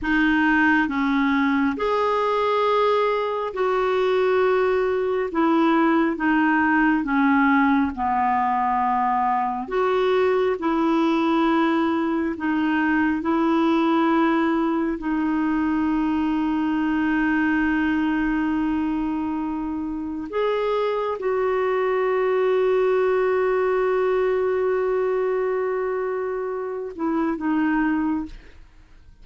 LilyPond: \new Staff \with { instrumentName = "clarinet" } { \time 4/4 \tempo 4 = 68 dis'4 cis'4 gis'2 | fis'2 e'4 dis'4 | cis'4 b2 fis'4 | e'2 dis'4 e'4~ |
e'4 dis'2.~ | dis'2. gis'4 | fis'1~ | fis'2~ fis'8 e'8 dis'4 | }